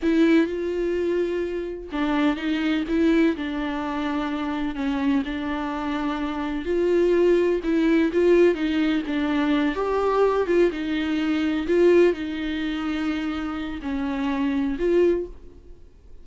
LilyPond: \new Staff \with { instrumentName = "viola" } { \time 4/4 \tempo 4 = 126 e'4 f'2. | d'4 dis'4 e'4 d'4~ | d'2 cis'4 d'4~ | d'2 f'2 |
e'4 f'4 dis'4 d'4~ | d'8 g'4. f'8 dis'4.~ | dis'8 f'4 dis'2~ dis'8~ | dis'4 cis'2 f'4 | }